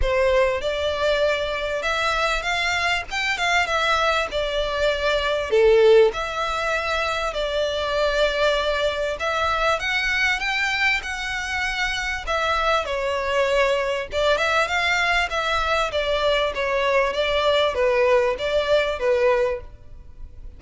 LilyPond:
\new Staff \with { instrumentName = "violin" } { \time 4/4 \tempo 4 = 98 c''4 d''2 e''4 | f''4 g''8 f''8 e''4 d''4~ | d''4 a'4 e''2 | d''2. e''4 |
fis''4 g''4 fis''2 | e''4 cis''2 d''8 e''8 | f''4 e''4 d''4 cis''4 | d''4 b'4 d''4 b'4 | }